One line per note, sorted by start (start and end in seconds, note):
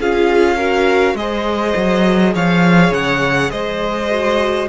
0.00 1.15 C#4
0.00 0.59 F4
0.00 0.57 G#4
0.00 1.17 F5
0.57 1.17 F#4
0.57 1.15 A#4
1.15 1.74 G#3
1.15 4.11 G#4
1.15 2.34 C5
1.15 2.34 D#5
1.76 2.35 F#3
2.34 2.91 F3
2.34 3.52 C#5
2.34 2.94 F5
2.91 3.50 C#3
2.91 3.51 F#5
3.51 4.70 G#3
3.51 4.69 C5
3.51 4.68 D#5
4.11 4.70 F#4